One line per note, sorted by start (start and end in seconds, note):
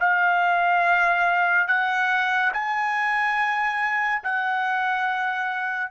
0.00 1.67 F5
1.67 2.52 F#5
2.53 4.22 G#5
4.23 5.91 F#5